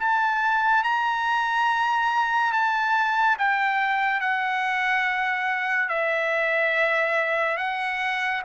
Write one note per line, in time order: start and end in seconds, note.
0.00 0.84 A5
0.84 2.53 A#5
2.53 3.37 A5
3.39 4.21 G5
4.21 5.89 F#5
5.89 7.58 E5
7.58 8.42 F#5